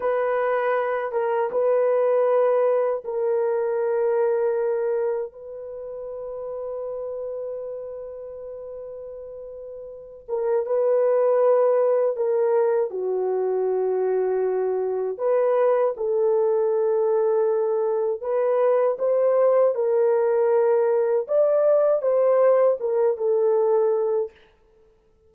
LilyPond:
\new Staff \with { instrumentName = "horn" } { \time 4/4 \tempo 4 = 79 b'4. ais'8 b'2 | ais'2. b'4~ | b'1~ | b'4. ais'8 b'2 |
ais'4 fis'2. | b'4 a'2. | b'4 c''4 ais'2 | d''4 c''4 ais'8 a'4. | }